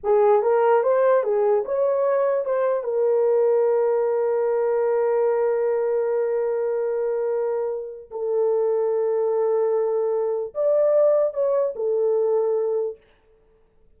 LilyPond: \new Staff \with { instrumentName = "horn" } { \time 4/4 \tempo 4 = 148 gis'4 ais'4 c''4 gis'4 | cis''2 c''4 ais'4~ | ais'1~ | ais'1~ |
ais'1 | a'1~ | a'2 d''2 | cis''4 a'2. | }